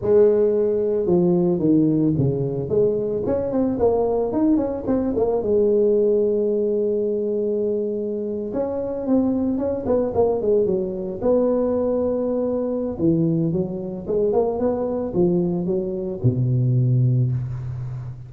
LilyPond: \new Staff \with { instrumentName = "tuba" } { \time 4/4 \tempo 4 = 111 gis2 f4 dis4 | cis4 gis4 cis'8 c'8 ais4 | dis'8 cis'8 c'8 ais8 gis2~ | gis2.~ gis8. cis'16~ |
cis'8. c'4 cis'8 b8 ais8 gis8 fis16~ | fis8. b2.~ b16 | e4 fis4 gis8 ais8 b4 | f4 fis4 b,2 | }